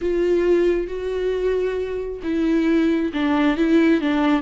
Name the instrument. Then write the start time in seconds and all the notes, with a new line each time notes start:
viola
0.01 F4
0.87 F#4
2.23 E4
3.13 D4
3.57 E4
4.01 D4